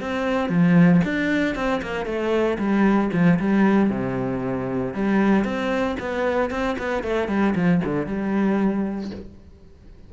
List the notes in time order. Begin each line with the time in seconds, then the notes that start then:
0.00 C4
0.49 F3
1.04 D4
1.55 C4
1.82 A#3
2.05 A3
2.58 G3
3.12 F3
3.39 G3
3.90 C3
4.94 G3
5.44 C4
5.99 B3
6.50 C4
6.78 B3
7.03 A3
7.28 G3
7.55 F3
7.84 D3
8.06 G3